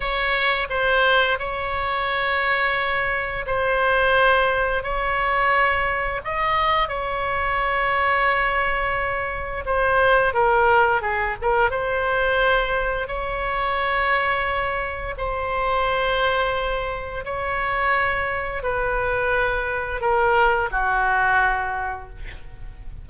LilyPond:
\new Staff \with { instrumentName = "oboe" } { \time 4/4 \tempo 4 = 87 cis''4 c''4 cis''2~ | cis''4 c''2 cis''4~ | cis''4 dis''4 cis''2~ | cis''2 c''4 ais'4 |
gis'8 ais'8 c''2 cis''4~ | cis''2 c''2~ | c''4 cis''2 b'4~ | b'4 ais'4 fis'2 | }